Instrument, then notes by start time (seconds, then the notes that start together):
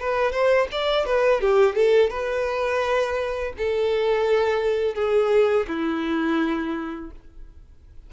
violin
0.00 B4
0.32 C5
0.72 D5
1.06 B4
1.41 G4
1.76 A4
2.11 B4
3.58 A4
4.95 G#4
5.68 E4